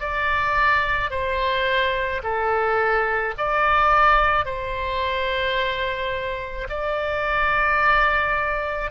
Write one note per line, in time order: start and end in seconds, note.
0.00 1.11 D5
1.11 2.22 C5
2.24 3.35 A4
3.38 4.45 D5
4.45 6.68 C5
6.70 8.91 D5